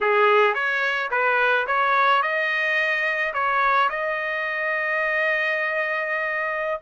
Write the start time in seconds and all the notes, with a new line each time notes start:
0.00 G#4
0.54 C#5
1.11 B4
1.67 C#5
2.22 D#5
3.33 C#5
3.89 D#5